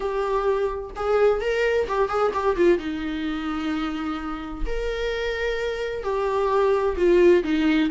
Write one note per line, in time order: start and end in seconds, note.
0.00 0.90 G4
0.96 1.40 G#4
1.40 1.87 A#4
1.88 2.08 G4
2.08 2.32 G#4
2.33 2.56 G4
2.56 2.78 F4
2.78 4.64 D#4
4.66 6.03 A#4
6.03 6.96 G4
6.96 7.43 F4
7.43 7.89 D#4